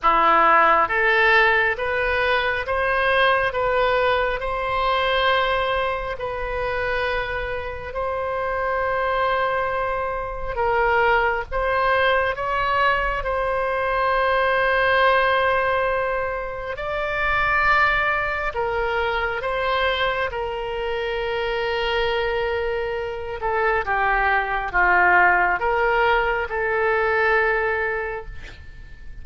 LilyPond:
\new Staff \with { instrumentName = "oboe" } { \time 4/4 \tempo 4 = 68 e'4 a'4 b'4 c''4 | b'4 c''2 b'4~ | b'4 c''2. | ais'4 c''4 cis''4 c''4~ |
c''2. d''4~ | d''4 ais'4 c''4 ais'4~ | ais'2~ ais'8 a'8 g'4 | f'4 ais'4 a'2 | }